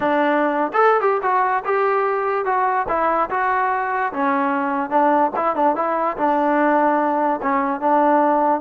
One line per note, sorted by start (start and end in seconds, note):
0.00 0.72 D4
0.73 1.00 A4
1.00 1.21 G4
1.22 1.63 F#4
1.64 2.45 G4
2.45 2.86 F#4
2.88 3.29 E4
3.30 4.12 F#4
4.12 4.90 C#4
4.90 5.31 D4
5.36 5.55 E4
5.55 5.75 D4
5.75 6.16 E4
6.17 7.40 D4
7.42 7.80 C#4
7.80 8.61 D4